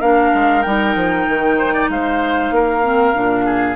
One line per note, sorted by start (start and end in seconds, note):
0.00 0.32 A#3
0.00 0.64 D4
0.00 1.56 A#4
0.00 0.62 F5
0.34 0.65 G#3
0.62 0.95 G3
0.62 2.83 D#4
0.62 1.87 G5
0.95 1.27 F3
1.28 1.89 D#3
1.58 1.73 C5
1.73 1.89 D5
1.89 2.51 G#3
1.89 2.55 C5
1.89 3.76 F5
2.51 3.13 A#3
2.51 3.45 A#4
2.83 3.14 C4
3.14 3.76 A#2
3.14 3.76 D4
3.45 3.76 G#4